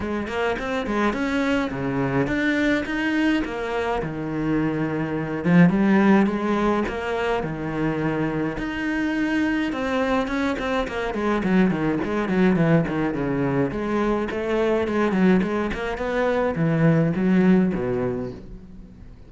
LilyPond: \new Staff \with { instrumentName = "cello" } { \time 4/4 \tempo 4 = 105 gis8 ais8 c'8 gis8 cis'4 cis4 | d'4 dis'4 ais4 dis4~ | dis4. f8 g4 gis4 | ais4 dis2 dis'4~ |
dis'4 c'4 cis'8 c'8 ais8 gis8 | fis8 dis8 gis8 fis8 e8 dis8 cis4 | gis4 a4 gis8 fis8 gis8 ais8 | b4 e4 fis4 b,4 | }